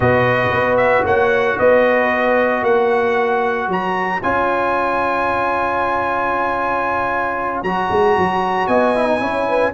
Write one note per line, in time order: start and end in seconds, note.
0.00 0.51 B2
0.00 4.20 F#4
0.00 1.04 B4
0.00 0.77 D#5
0.51 1.04 B3
0.77 1.03 E5
1.04 1.57 A#3
1.04 1.57 C#5
1.04 1.58 F#5
1.58 2.62 B3
1.58 2.62 B4
1.58 2.64 D#5
2.62 3.67 A#3
2.62 8.67 C#5
2.62 3.69 F#5
3.67 4.20 F#3
3.67 4.22 A#5
4.22 7.62 C#4
4.22 7.64 F4
4.22 7.63 G#5
7.62 7.89 F#3
7.62 8.95 F#4
7.62 8.67 A#5
7.90 8.16 G#3
8.17 8.67 F#3
8.67 9.20 B3
8.67 9.20 D#5
8.67 9.72 G#5
8.95 9.06 E4
9.06 9.19 D#4
9.19 9.73 C#4
9.19 9.72 E4
9.19 9.47 C#5
9.48 9.73 B4